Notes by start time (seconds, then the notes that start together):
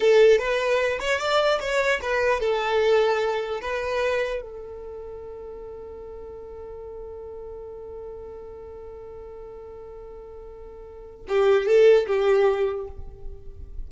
0.00 A4
0.39 B4
0.99 C#5
1.19 D5
1.60 C#5
2.02 B4
2.40 A4
3.61 B4
4.41 A4
11.28 G4
11.66 A4
12.06 G4